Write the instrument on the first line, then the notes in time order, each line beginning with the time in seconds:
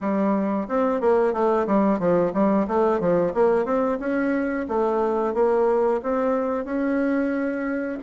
bassoon
0.00 G3
0.68 C4
1.00 A#3
1.33 A3
1.66 G3
1.98 F3
2.33 G3
2.67 A3
2.99 F3
3.34 A#3
3.65 C4
3.99 C#4
4.68 A3
5.34 A#3
6.02 C4
6.65 C#4